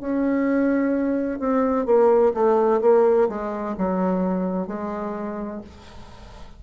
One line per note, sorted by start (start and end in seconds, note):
0.00 1.39 C#4
1.39 1.85 C4
1.85 2.32 A#3
2.34 2.81 A3
2.81 3.28 A#3
3.29 3.75 G#3
3.78 4.67 F#3
4.67 5.61 G#3